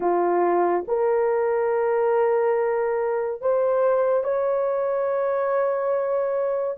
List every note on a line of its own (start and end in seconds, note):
0.00 0.85 F4
0.87 3.41 A#4
3.41 4.23 C5
4.23 6.77 C#5